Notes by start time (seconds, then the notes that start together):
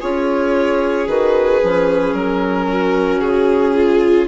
0.00 C#4 F4 G#4 C#5
1.07 D#3 F#4 B4
1.62 F3 C#4
2.13 F#3 A#4
2.69 F#4
3.21 C#3 G#4
3.75 F4